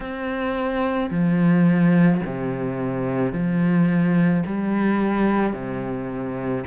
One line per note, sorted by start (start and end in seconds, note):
0.00 1.10 C4
1.10 2.21 F3
2.25 3.32 C3
3.32 4.43 F3
4.45 5.53 G3
5.53 6.64 C3